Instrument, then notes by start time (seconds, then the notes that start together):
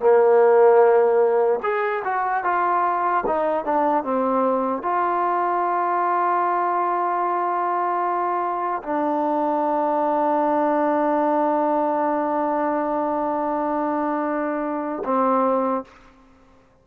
trombone
0.00 A#3
1.63 G#4
2.04 F#4
2.44 F4
3.27 D#4
3.65 D4
4.04 C4
4.83 F4
8.83 D4
15.04 C4